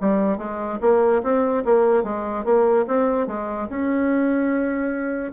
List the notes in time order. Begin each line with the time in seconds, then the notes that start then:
0.00 G3
0.37 G#3
0.81 A#3
1.23 C4
1.64 A#3
2.03 G#3
2.44 A#3
2.87 C4
3.27 G#3
3.69 C#4